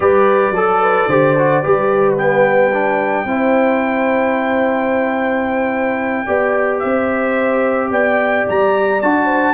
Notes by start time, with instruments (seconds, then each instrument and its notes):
0.00 tuba G3, trombone G4, horn B4, trumpet D5
0.50 tuba F#3, horn A4, trombone A4
0.82 horn B4
1.08 tuba D3, trombone G4, horn C5
1.38 trombone F#4
1.62 tuba G3, trombone G4, horn B4
2.17 trombone B3, trumpet G5
2.72 trombone D4
3.24 tuba C4, trombone E4, horn C5
6.26 tuba B3, trombone G4, horn D5
6.79 tuba C4, horn C5, trumpet E5
7.90 tuba B3, horn D5, trumpet G5
8.48 tuba G3, trumpet A#5
9.01 tuba D4, trombone F#4, trumpet A5
9.25 horn C5